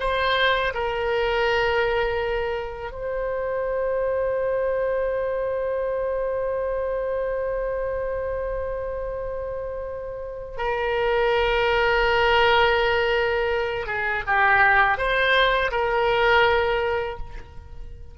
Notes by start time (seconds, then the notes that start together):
0.00 C5
0.74 A#4
2.91 C5
10.57 A#4
13.86 G#4
14.26 G4
14.97 C5
15.71 A#4